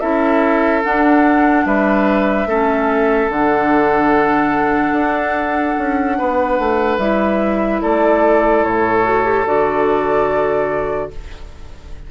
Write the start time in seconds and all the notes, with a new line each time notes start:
0.00 C#4 E4 A4 E5
0.83 D4 F#5
1.65 G3 B4 E5
2.46 A3 C#4 A4
3.29 D3 D4 F#5
4.92 D4
5.78 C#4
6.18 B3 B4
6.59 A3
6.98 G3 E4 E5
7.82 A3 A4 D5
8.64 A2 C#5
9.03 F#4
9.24 G4
9.46 D3 F#4 D5